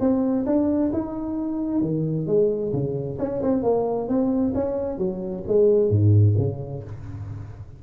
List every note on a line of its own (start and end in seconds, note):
0.00 0.45 C4
0.46 0.91 D4
0.93 1.81 D#4
1.81 2.27 D#3
2.27 2.72 G#3
2.73 3.18 C#3
3.19 3.42 C#4
3.42 3.63 C4
3.63 4.08 A#3
4.08 4.54 C4
4.54 4.98 C#4
4.98 5.44 F#3
5.48 5.90 G#3
5.90 6.35 G#2
6.38 6.83 C#3